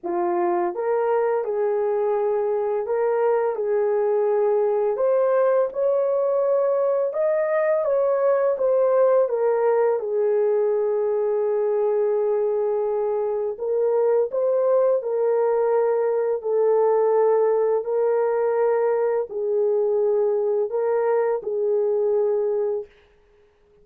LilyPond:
\new Staff \with { instrumentName = "horn" } { \time 4/4 \tempo 4 = 84 f'4 ais'4 gis'2 | ais'4 gis'2 c''4 | cis''2 dis''4 cis''4 | c''4 ais'4 gis'2~ |
gis'2. ais'4 | c''4 ais'2 a'4~ | a'4 ais'2 gis'4~ | gis'4 ais'4 gis'2 | }